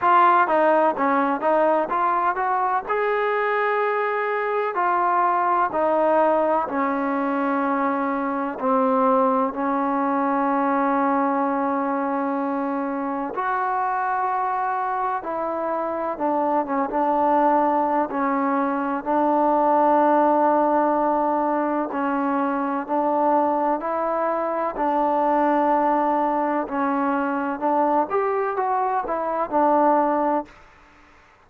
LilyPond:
\new Staff \with { instrumentName = "trombone" } { \time 4/4 \tempo 4 = 63 f'8 dis'8 cis'8 dis'8 f'8 fis'8 gis'4~ | gis'4 f'4 dis'4 cis'4~ | cis'4 c'4 cis'2~ | cis'2 fis'2 |
e'4 d'8 cis'16 d'4~ d'16 cis'4 | d'2. cis'4 | d'4 e'4 d'2 | cis'4 d'8 g'8 fis'8 e'8 d'4 | }